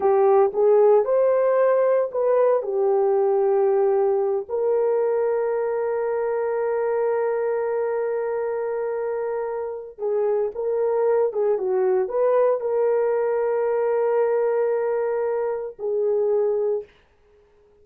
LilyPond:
\new Staff \with { instrumentName = "horn" } { \time 4/4 \tempo 4 = 114 g'4 gis'4 c''2 | b'4 g'2.~ | g'8 ais'2.~ ais'8~ | ais'1~ |
ais'2. gis'4 | ais'4. gis'8 fis'4 b'4 | ais'1~ | ais'2 gis'2 | }